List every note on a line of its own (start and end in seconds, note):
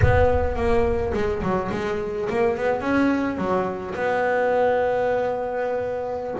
0.02 0.55 B3
0.55 1.12 A#3
1.13 1.42 G#3
1.42 1.70 F#3
1.71 2.28 G#3
2.29 2.57 A#3
2.57 2.80 B3
2.80 3.37 C#4
3.37 3.94 F#3
3.94 6.35 B3